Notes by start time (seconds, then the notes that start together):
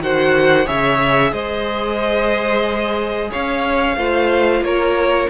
0.00 D#3 F#4 C5 F#5
0.65 C#3 G#4 C#5 E5
1.32 G#3 C5 D#5
3.31 C#4 C#5 F5
3.96 A3 F4 C5
4.61 A#3 A#4 C#5